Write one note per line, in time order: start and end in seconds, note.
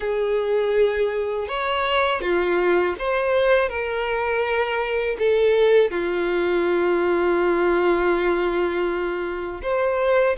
0.00 1.48 G#4
1.48 2.21 C#5
2.21 2.95 F4
2.98 3.68 C5
3.68 5.16 A#4
5.18 5.91 A4
5.91 9.61 F4
9.62 10.36 C5